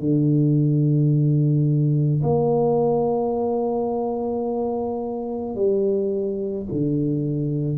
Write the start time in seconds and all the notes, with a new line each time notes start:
0.00 D3
2.23 A#3
5.55 G3
6.71 D3